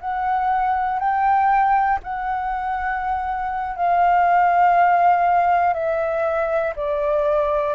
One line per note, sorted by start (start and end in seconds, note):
0.00 0.99 F#5
0.99 1.99 G5
2.03 3.75 F#5
3.75 5.73 F5
5.73 6.73 E5
6.75 7.74 D5